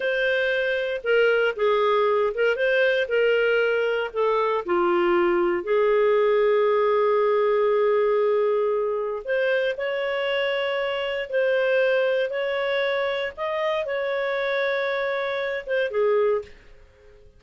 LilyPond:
\new Staff \with { instrumentName = "clarinet" } { \time 4/4 \tempo 4 = 117 c''2 ais'4 gis'4~ | gis'8 ais'8 c''4 ais'2 | a'4 f'2 gis'4~ | gis'1~ |
gis'2 c''4 cis''4~ | cis''2 c''2 | cis''2 dis''4 cis''4~ | cis''2~ cis''8 c''8 gis'4 | }